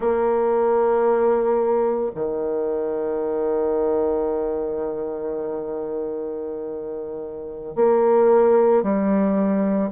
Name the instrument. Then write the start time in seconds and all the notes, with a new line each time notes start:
bassoon
0.00 A#3
2.14 D#3
7.75 A#3
8.82 G3